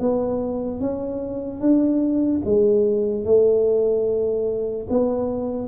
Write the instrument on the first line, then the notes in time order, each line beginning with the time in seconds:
tuba
0.00 B3
0.81 C#4
1.61 D4
2.45 G#3
3.25 A3
4.90 B3